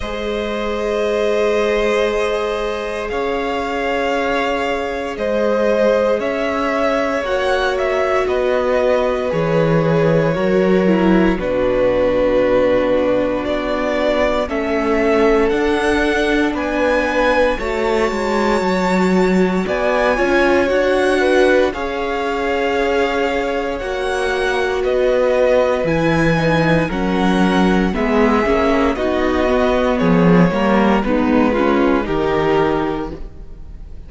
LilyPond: <<
  \new Staff \with { instrumentName = "violin" } { \time 4/4 \tempo 4 = 58 dis''2. f''4~ | f''4 dis''4 e''4 fis''8 e''8 | dis''4 cis''2 b'4~ | b'4 d''4 e''4 fis''4 |
gis''4 a''2 gis''4 | fis''4 f''2 fis''4 | dis''4 gis''4 fis''4 e''4 | dis''4 cis''4 b'4 ais'4 | }
  \new Staff \with { instrumentName = "violin" } { \time 4/4 c''2. cis''4~ | cis''4 c''4 cis''2 | b'2 ais'4 fis'4~ | fis'2 a'2 |
b'4 cis''2 d''8 cis''8~ | cis''8 b'8 cis''2. | b'2 ais'4 gis'4 | fis'4 gis'8 ais'8 dis'8 f'8 g'4 | }
  \new Staff \with { instrumentName = "viola" } { \time 4/4 gis'1~ | gis'2. fis'4~ | fis'4 gis'4 fis'8 e'8 d'4~ | d'2 cis'4 d'4~ |
d'4 fis'2~ fis'8 f'8 | fis'4 gis'2 fis'4~ | fis'4 e'8 dis'8 cis'4 b8 cis'8 | dis'8 b4 ais8 b8 cis'8 dis'4 | }
  \new Staff \with { instrumentName = "cello" } { \time 4/4 gis2. cis'4~ | cis'4 gis4 cis'4 ais4 | b4 e4 fis4 b,4~ | b,4 b4 a4 d'4 |
b4 a8 gis8 fis4 b8 cis'8 | d'4 cis'2 ais4 | b4 e4 fis4 gis8 ais8 | b4 f8 g8 gis4 dis4 | }
>>